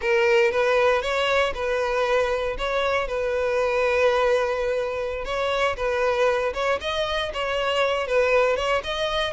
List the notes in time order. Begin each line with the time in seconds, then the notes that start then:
0.01 A#4
0.51 B4
1.02 C#5
1.54 B4
2.58 C#5
3.07 B4
5.24 C#5
5.76 B4
6.53 C#5
6.80 D#5
7.33 C#5
8.07 B4
8.56 C#5
8.83 D#5